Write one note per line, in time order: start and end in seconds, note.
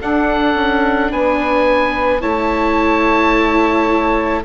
0.00 2.21 D4
0.00 0.54 D4
0.00 1.11 A4
0.00 1.12 F#5
0.54 1.10 C#4
1.11 2.22 B3
1.11 2.19 B4
1.11 2.21 G#5
2.19 4.44 A3
2.19 4.43 E4
2.19 4.41 C#5
2.19 4.43 A5